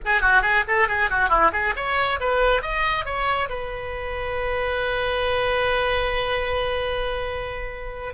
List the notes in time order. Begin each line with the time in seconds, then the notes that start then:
0.05 G#4
0.21 F#4
0.42 G#4
0.67 A4
0.88 G#4
1.10 F#4
1.29 E4
1.52 G#4
1.75 C#5
2.20 B4
2.62 D#5
3.05 C#5
3.49 B4